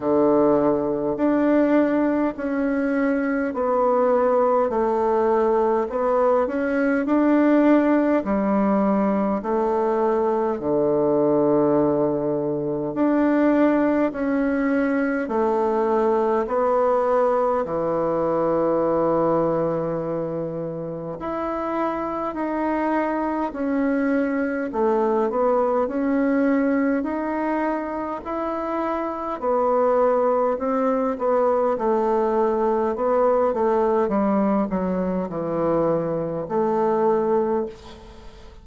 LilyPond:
\new Staff \with { instrumentName = "bassoon" } { \time 4/4 \tempo 4 = 51 d4 d'4 cis'4 b4 | a4 b8 cis'8 d'4 g4 | a4 d2 d'4 | cis'4 a4 b4 e4~ |
e2 e'4 dis'4 | cis'4 a8 b8 cis'4 dis'4 | e'4 b4 c'8 b8 a4 | b8 a8 g8 fis8 e4 a4 | }